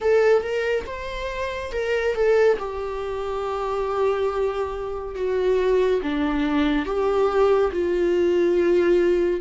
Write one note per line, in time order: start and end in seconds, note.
0.00 0.42 A4
0.42 0.85 A#4
0.86 1.71 C5
1.71 2.14 A#4
2.14 2.57 A4
2.58 5.15 G4
5.15 6.00 F#4
6.02 6.85 D4
6.85 7.71 G4
7.71 9.40 F4